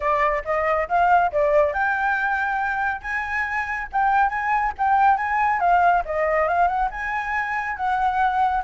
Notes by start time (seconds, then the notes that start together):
0.00 D5
0.44 D#5
0.88 F5
1.31 D5
1.73 G5
3.01 G#5
3.92 G5
4.29 G#5
4.77 G5
5.17 G#5
5.60 F5
6.05 D#5
6.47 F5
6.67 F#5
6.90 G#5
7.76 F#5